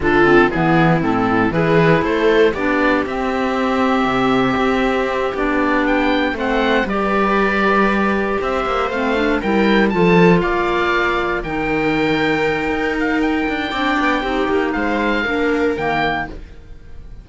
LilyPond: <<
  \new Staff \with { instrumentName = "oboe" } { \time 4/4 \tempo 4 = 118 a'4 gis'4 a'4 b'4 | c''4 d''4 e''2~ | e''2~ e''8 d''4 g''8~ | g''8 fis''4 d''2~ d''8~ |
d''8 e''4 f''4 g''4 a''8~ | a''8 f''2 g''4.~ | g''4. f''8 g''2~ | g''4 f''2 g''4 | }
  \new Staff \with { instrumentName = "viola" } { \time 4/4 f'4 e'2 gis'4 | a'4 g'2.~ | g'1~ | g'8 c''4 b'2~ b'8~ |
b'8 c''2 ais'4 a'8~ | a'8 d''2 ais'4.~ | ais'2. d''4 | g'4 c''4 ais'2 | }
  \new Staff \with { instrumentName = "clarinet" } { \time 4/4 d'8 c'8 b4 c'4 e'4~ | e'4 d'4 c'2~ | c'2~ c'8 d'4.~ | d'8 c'4 g'2~ g'8~ |
g'4. c'8 d'8 e'4 f'8~ | f'2~ f'8 dis'4.~ | dis'2. d'4 | dis'2 d'4 ais4 | }
  \new Staff \with { instrumentName = "cello" } { \time 4/4 d4 e4 a,4 e4 | a4 b4 c'2 | c4 c'4. b4.~ | b8 a4 g2~ g8~ |
g8 c'8 ais8 a4 g4 f8~ | f8 ais2 dis4.~ | dis4 dis'4. d'8 c'8 b8 | c'8 ais8 gis4 ais4 dis4 | }
>>